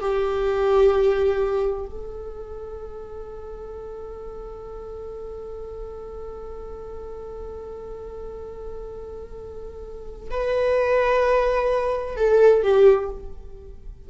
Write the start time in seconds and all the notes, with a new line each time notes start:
0.00 G4
1.86 A4
10.30 B4
12.17 A4
12.62 G4